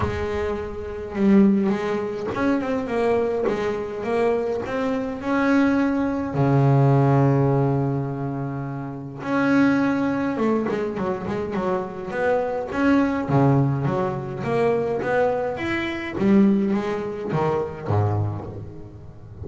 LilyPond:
\new Staff \with { instrumentName = "double bass" } { \time 4/4 \tempo 4 = 104 gis2 g4 gis4 | cis'8 c'8 ais4 gis4 ais4 | c'4 cis'2 cis4~ | cis1 |
cis'2 a8 gis8 fis8 gis8 | fis4 b4 cis'4 cis4 | fis4 ais4 b4 e'4 | g4 gis4 dis4 gis,4 | }